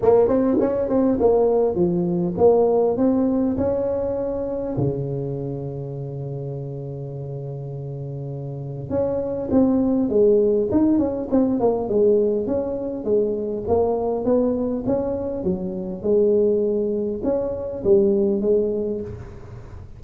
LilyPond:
\new Staff \with { instrumentName = "tuba" } { \time 4/4 \tempo 4 = 101 ais8 c'8 cis'8 c'8 ais4 f4 | ais4 c'4 cis'2 | cis1~ | cis2. cis'4 |
c'4 gis4 dis'8 cis'8 c'8 ais8 | gis4 cis'4 gis4 ais4 | b4 cis'4 fis4 gis4~ | gis4 cis'4 g4 gis4 | }